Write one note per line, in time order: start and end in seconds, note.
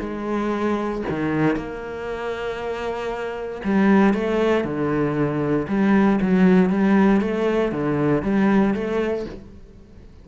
0.00 1.03 G#3
1.10 1.57 D#3
1.57 3.62 A#3
3.65 4.14 G3
4.14 4.65 A3
4.65 5.67 D3
5.69 6.20 G3
6.22 6.70 F#3
6.70 7.22 G3
7.22 7.72 A3
7.72 8.23 D3
8.23 8.74 G3
8.75 9.26 A3